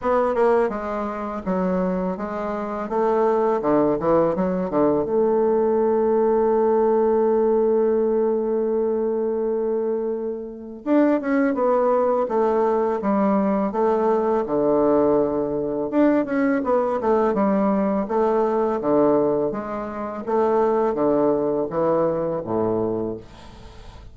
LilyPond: \new Staff \with { instrumentName = "bassoon" } { \time 4/4 \tempo 4 = 83 b8 ais8 gis4 fis4 gis4 | a4 d8 e8 fis8 d8 a4~ | a1~ | a2. d'8 cis'8 |
b4 a4 g4 a4 | d2 d'8 cis'8 b8 a8 | g4 a4 d4 gis4 | a4 d4 e4 a,4 | }